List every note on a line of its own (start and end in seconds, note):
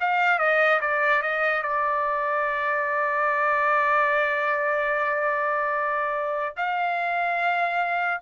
0.00 0.38 F5
0.38 0.80 D#5
0.81 1.22 D5
1.22 1.63 D#5
1.63 6.56 D5
6.57 8.21 F5